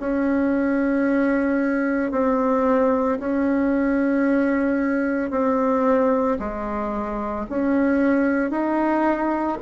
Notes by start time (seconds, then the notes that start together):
0.00 C#4
2.12 C4
3.20 C#4
5.31 C4
6.40 G#3
7.50 C#4
8.51 D#4